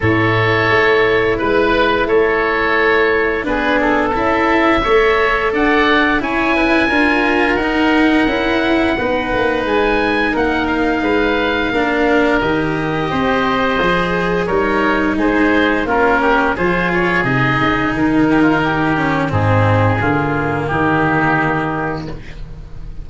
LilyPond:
<<
  \new Staff \with { instrumentName = "oboe" } { \time 4/4 \tempo 4 = 87 cis''2 b'4 cis''4~ | cis''4 b'8 a'8 e''2 | fis''4 gis''2 fis''4~ | fis''2 gis''4 fis''8 f''8~ |
f''2 dis''2~ | dis''4 cis''4 c''4 ais'4 | c''8 cis''8 dis''4 ais'2 | gis'2 g'2 | }
  \new Staff \with { instrumentName = "oboe" } { \time 4/4 a'2 b'4 a'4~ | a'4 gis'4 a'4 cis''4 | d''4 cis''8 b'8 ais'2~ | ais'4 b'2 ais'4 |
b'4 ais'2 c''4~ | c''4 ais'4 gis'4 f'8 g'8 | gis'2~ gis'8 g'16 f'16 g'4 | dis'4 f'4 dis'2 | }
  \new Staff \with { instrumentName = "cello" } { \time 4/4 e'1~ | e'4 d'4 e'4 a'4~ | a'4 e'4 f'4 dis'4 | e'4 dis'2.~ |
dis'4 d'4 g'2 | gis'4 dis'2 cis'4 | f'4 dis'2~ dis'8 cis'8 | c'4 ais2. | }
  \new Staff \with { instrumentName = "tuba" } { \time 4/4 a,4 a4 gis4 a4~ | a4 b4 cis'4 a4 | d'4 cis'4 d'4 dis'4 | cis'4 b8 ais8 gis4 ais4 |
gis4 ais4 dis4 c'4 | f4 g4 gis4 ais4 | f4 c8 cis8 dis2 | gis,4 d4 dis2 | }
>>